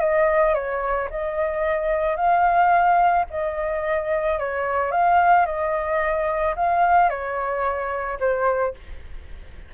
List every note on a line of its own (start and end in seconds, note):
0.00 0.55 D#5
0.55 1.09 C#5
1.11 2.17 D#5
2.17 3.26 F5
3.30 4.39 D#5
4.39 4.92 C#5
4.92 5.46 F5
5.46 6.55 D#5
6.56 7.10 F5
7.10 8.19 C#5
8.20 8.75 C5